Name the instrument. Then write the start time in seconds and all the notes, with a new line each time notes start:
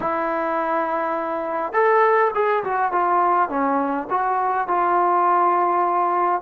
trombone
0.00 E4
1.72 A4
2.34 G#4
2.64 F#4
2.92 F4
3.49 C#4
4.10 F#4
4.67 F4